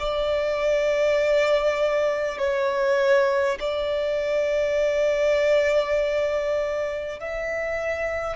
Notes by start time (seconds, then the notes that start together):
0.00 D5
2.38 C#5
3.60 D5
7.20 E5